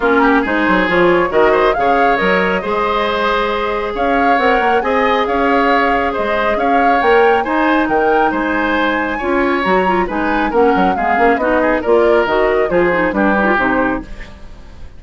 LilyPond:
<<
  \new Staff \with { instrumentName = "flute" } { \time 4/4 \tempo 4 = 137 ais'4 c''4 cis''4 dis''4 | f''4 dis''2.~ | dis''4 f''4 fis''4 gis''4 | f''2 dis''4 f''4 |
g''4 gis''4 g''4 gis''4~ | gis''2 ais''4 gis''4 | fis''4 f''4 dis''4 d''4 | dis''4 c''4 b'4 c''4 | }
  \new Staff \with { instrumentName = "oboe" } { \time 4/4 f'8 g'8 gis'2 ais'8 c''8 | cis''2 c''2~ | c''4 cis''2 dis''4 | cis''2 c''4 cis''4~ |
cis''4 c''4 ais'4 c''4~ | c''4 cis''2 b'4 | ais'4 gis'4 fis'8 gis'8 ais'4~ | ais'4 gis'4 g'2 | }
  \new Staff \with { instrumentName = "clarinet" } { \time 4/4 cis'4 dis'4 f'4 fis'4 | gis'4 ais'4 gis'2~ | gis'2 ais'4 gis'4~ | gis'1 |
ais'4 dis'2.~ | dis'4 f'4 fis'8 f'8 dis'4 | cis'4 b8 cis'8 dis'4 f'4 | fis'4 f'8 dis'8 d'8 dis'16 f'16 dis'4 | }
  \new Staff \with { instrumentName = "bassoon" } { \time 4/4 ais4 gis8 fis8 f4 dis4 | cis4 fis4 gis2~ | gis4 cis'4 c'8 ais8 c'4 | cis'2 gis4 cis'4 |
ais4 dis'4 dis4 gis4~ | gis4 cis'4 fis4 gis4 | ais8 fis8 gis8 ais8 b4 ais4 | dis4 f4 g4 c4 | }
>>